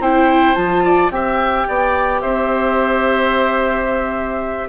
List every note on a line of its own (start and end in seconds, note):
0.00 0.55 C4
0.00 0.56 E4
0.00 0.84 C5
0.00 0.55 G5
0.55 1.10 F3
0.55 1.11 F4
0.55 1.10 A5
0.84 1.12 D5
1.10 1.65 C4
1.10 4.69 G4
1.10 1.67 E5
1.10 2.21 G5
1.67 2.23 B3
1.67 2.21 D5
2.21 4.69 C4
2.21 4.69 C5
2.21 4.69 E5